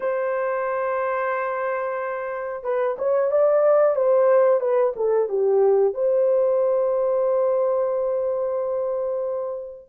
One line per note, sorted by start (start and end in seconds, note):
0.00 2.63 C5
2.63 2.96 B4
2.98 3.31 C#5
3.31 3.95 D5
3.95 4.60 C5
4.60 4.93 B4
4.95 5.28 A4
5.28 5.94 G4
5.94 9.88 C5